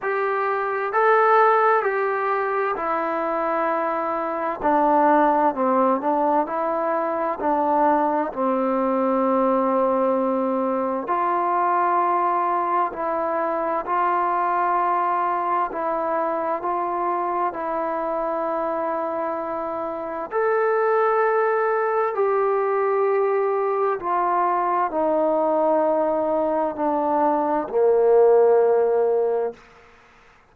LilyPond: \new Staff \with { instrumentName = "trombone" } { \time 4/4 \tempo 4 = 65 g'4 a'4 g'4 e'4~ | e'4 d'4 c'8 d'8 e'4 | d'4 c'2. | f'2 e'4 f'4~ |
f'4 e'4 f'4 e'4~ | e'2 a'2 | g'2 f'4 dis'4~ | dis'4 d'4 ais2 | }